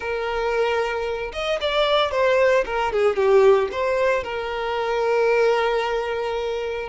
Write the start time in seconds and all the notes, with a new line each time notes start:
0.00 A#4
1.33 D#5
1.60 D5
2.11 C5
2.65 A#4
2.92 G#4
3.15 G4
3.71 C5
4.23 A#4